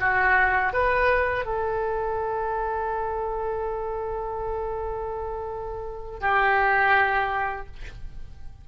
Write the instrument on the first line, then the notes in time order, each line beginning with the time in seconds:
oboe
0.00 F#4
0.73 B4
1.46 A4
6.21 G4